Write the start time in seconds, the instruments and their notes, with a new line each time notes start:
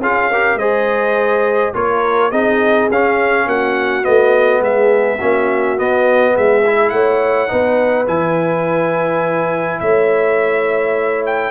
0.00 tuba C#4, trombone F4, horn G#4, trumpet F5
0.31 trombone G4, horn A#4
0.55 tuba G#3, trombone G#4, horn C5, trumpet D#5
1.74 tuba A#3, trombone F4, horn A#4, trumpet C#5
2.31 tuba C4, trombone D#4, horn G#4, trumpet D#5
2.89 tuba C#4, trombone C#4, trumpet F5
3.46 tuba A#3, horn F#4, trumpet F#5
4.03 tuba A3, trombone B3, trumpet D#5
4.61 tuba G#3, horn G#4, trumpet E5
5.17 tuba A#3, trombone C#4, horn F#4
5.77 trombone B3, tuba B3, trumpet D#5
6.35 tuba G#3, horn G#4, trumpet E5
6.66 trombone E4
6.90 tuba A3, horn C#5, trumpet F#5
7.48 tuba B3, trombone D#4, horn B4
8.07 tuba E3, trombone E4, trumpet G#5
9.80 tuba A3, horn C#5, trumpet E5
11.26 trumpet G5